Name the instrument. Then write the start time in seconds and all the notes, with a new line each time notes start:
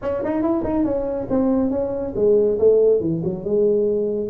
tuba
0.01 C#4
0.24 D#4
0.41 E4
0.63 D#4
0.84 C#4
1.29 C4
1.70 C#4
2.15 G#3
2.58 A3
3.00 E3
3.24 F#3
3.44 G#3